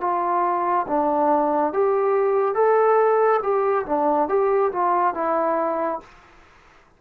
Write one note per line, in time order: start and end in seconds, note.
0.00 0.86 F4
0.87 1.73 D4
1.73 2.54 G4
2.54 3.40 A4
3.42 3.85 G4
3.85 4.28 D4
4.29 4.71 G4
4.72 5.14 F4
5.14 6.00 E4